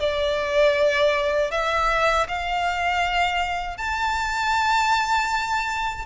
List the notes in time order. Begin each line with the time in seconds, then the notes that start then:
0.00 D5
1.52 E5
2.29 F5
3.78 A5